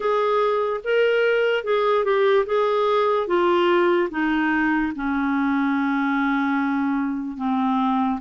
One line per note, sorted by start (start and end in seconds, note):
0.00 0.80 G#4
0.84 1.64 A#4
1.64 2.04 G#4
2.04 2.45 G4
2.46 3.27 G#4
3.27 4.09 F4
4.10 4.92 D#4
4.95 7.37 C#4
7.37 8.19 C4